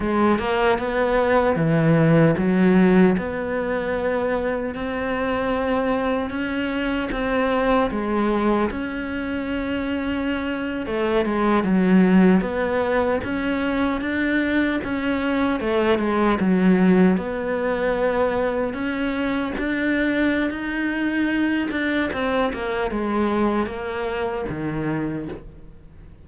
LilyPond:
\new Staff \with { instrumentName = "cello" } { \time 4/4 \tempo 4 = 76 gis8 ais8 b4 e4 fis4 | b2 c'2 | cis'4 c'4 gis4 cis'4~ | cis'4.~ cis'16 a8 gis8 fis4 b16~ |
b8. cis'4 d'4 cis'4 a16~ | a16 gis8 fis4 b2 cis'16~ | cis'8. d'4~ d'16 dis'4. d'8 | c'8 ais8 gis4 ais4 dis4 | }